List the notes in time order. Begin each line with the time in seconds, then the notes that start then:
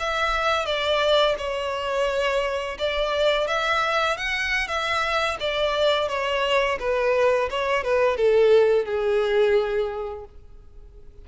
0.00 E5
0.66 D5
1.39 C#5
2.79 D5
3.48 E5
4.18 F#5
4.68 E5
5.41 D5
6.09 C#5
6.80 B4
7.51 C#5
7.84 B4
8.17 A4
8.86 G#4